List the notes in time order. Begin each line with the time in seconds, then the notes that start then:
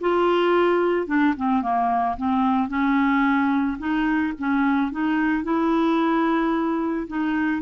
0.00 F4
1.07 D4
1.37 C4
1.61 A#3
2.17 C4
2.68 C#4
3.78 D#4
4.39 C#4
4.91 D#4
5.43 E4
7.07 D#4